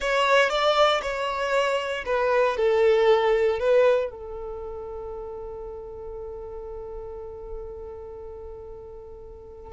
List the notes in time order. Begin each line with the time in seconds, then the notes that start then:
0.00 C#5
0.49 D5
1.02 C#5
2.05 B4
2.56 A4
3.59 B4
4.10 A4